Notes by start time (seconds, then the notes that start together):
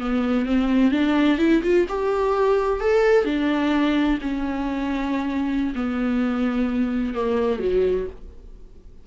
0.00 B3
0.46 C4
0.92 D4
1.38 E4
1.63 F4
1.89 G4
2.80 A4
3.25 D4
4.21 C#4
5.75 B3
7.14 A#3
7.60 F#3